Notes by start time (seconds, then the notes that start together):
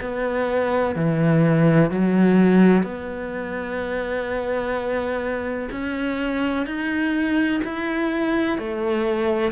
0.00 B3
0.95 E3
1.90 F#3
2.83 B3
5.71 C#4
6.66 D#4
7.64 E4
8.58 A3